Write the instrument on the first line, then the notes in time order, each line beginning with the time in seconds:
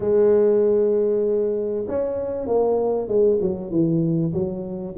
tuba
0.00 G#3
1.88 C#4
2.46 A#3
3.08 G#3
3.41 F#3
3.71 E3
4.33 F#3